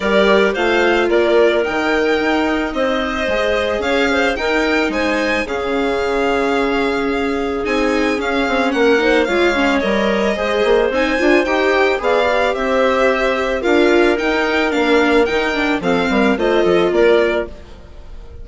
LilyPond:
<<
  \new Staff \with { instrumentName = "violin" } { \time 4/4 \tempo 4 = 110 d''4 f''4 d''4 g''4~ | g''4 dis''2 f''4 | g''4 gis''4 f''2~ | f''2 gis''4 f''4 |
fis''4 f''4 dis''2 | gis''4 g''4 f''4 e''4~ | e''4 f''4 g''4 f''4 | g''4 f''4 dis''4 d''4 | }
  \new Staff \with { instrumentName = "clarinet" } { \time 4/4 ais'4 c''4 ais'2~ | ais'4 c''2 cis''8 c''8 | ais'4 c''4 gis'2~ | gis'1 |
ais'8 c''8 cis''2 c''4~ | c''2 d''4 c''4~ | c''4 ais'2.~ | ais'4 a'8 ais'8 c''8 a'8 ais'4 | }
  \new Staff \with { instrumentName = "viola" } { \time 4/4 g'4 f'2 dis'4~ | dis'2 gis'2 | dis'2 cis'2~ | cis'2 dis'4 cis'4~ |
cis'8 dis'8 f'8 cis'8 ais'4 gis'4 | dis'8 f'8 g'4 gis'8 g'4.~ | g'4 f'4 dis'4 d'4 | dis'8 d'8 c'4 f'2 | }
  \new Staff \with { instrumentName = "bassoon" } { \time 4/4 g4 a4 ais4 dis4 | dis'4 c'4 gis4 cis'4 | dis'4 gis4 cis2~ | cis2 c'4 cis'8 c'8 |
ais4 gis4 g4 gis8 ais8 | c'8 d'8 dis'4 b4 c'4~ | c'4 d'4 dis'4 ais4 | dis4 f8 g8 a8 f8 ais4 | }
>>